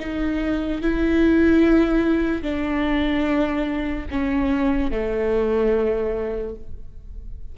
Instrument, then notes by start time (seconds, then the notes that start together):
viola
0.00 D#4
0.82 E4
2.42 D4
4.11 C#4
4.92 A3